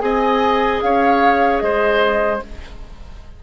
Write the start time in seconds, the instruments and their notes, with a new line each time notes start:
0.00 bassoon C4, clarinet G#4, oboe D#5, flute G#5
0.82 bassoon C#4, oboe C#5, flute F5
1.59 bassoon G#3, oboe C5, flute D#5